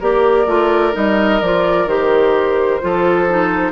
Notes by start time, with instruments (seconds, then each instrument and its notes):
0.00 bassoon A#3, clarinet G4, oboe A#4, flute D5
0.46 bassoon A3, clarinet F4
0.92 bassoon G3, clarinet D#4, flute D#5
1.41 bassoon F3, clarinet F4, flute D5
1.86 bassoon D#3, clarinet G4, flute C5
2.80 bassoon F3, clarinet F4, oboe A4
3.29 clarinet D#4